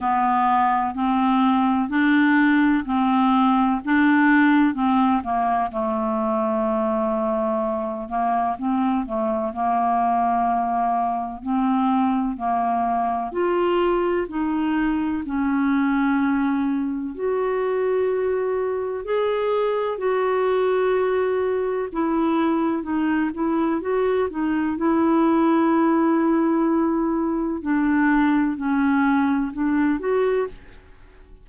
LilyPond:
\new Staff \with { instrumentName = "clarinet" } { \time 4/4 \tempo 4 = 63 b4 c'4 d'4 c'4 | d'4 c'8 ais8 a2~ | a8 ais8 c'8 a8 ais2 | c'4 ais4 f'4 dis'4 |
cis'2 fis'2 | gis'4 fis'2 e'4 | dis'8 e'8 fis'8 dis'8 e'2~ | e'4 d'4 cis'4 d'8 fis'8 | }